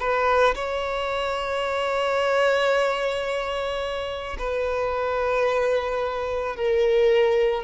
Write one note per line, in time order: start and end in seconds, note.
0.00 0.55 B4
0.55 4.37 C#5
4.38 6.56 B4
6.56 7.64 A#4